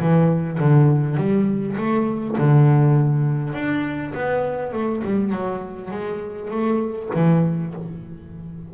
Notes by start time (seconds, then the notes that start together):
0.00 E3
0.60 D3
1.17 G3
1.78 A3
2.38 D3
3.54 D4
4.14 B3
4.73 A3
5.05 G3
5.32 F#3
5.92 G#3
6.51 A3
7.15 E3